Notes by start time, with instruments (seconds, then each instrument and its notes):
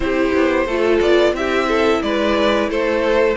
0.00 cello C4, viola E4, violin G4 C5
0.33 cello B3
0.66 cello A3, viola F4, violin A4
0.99 cello B3, violin D5
1.33 cello C4, viola E4, violin G4 E5
1.67 violin A4
2.02 cello G#3, violin B4 D5
2.68 cello A3, violin A4 C5